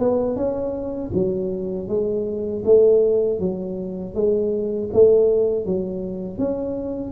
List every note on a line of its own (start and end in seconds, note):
0.00 0.36 B3
0.36 1.11 C#4
1.14 1.89 F#3
1.89 2.64 G#3
2.66 3.40 A3
3.40 4.15 F#3
4.15 4.90 G#3
4.94 5.66 A3
5.66 6.39 F#3
6.39 7.12 C#4